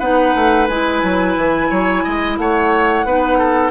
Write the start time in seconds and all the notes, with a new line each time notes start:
0.00 B3 D#4 B4 F#5
0.36 A3
0.69 G#3 E4 G#5
1.04 F#3
1.37 E3
1.71 F#3 C#5
2.04 G#3 D#5
2.38 A3 C#5 F#5
3.05 B3 D#4 B4
3.39 A4